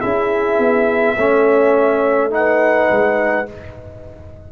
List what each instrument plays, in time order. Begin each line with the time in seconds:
0.00 tuba C#4, trombone E4, horn G#4, trumpet E5
0.58 tuba B3
1.16 tuba A3, trombone C#4, horn C#5
2.30 trombone D#4, trumpet F#5
2.37 horn B4
2.91 tuba G#3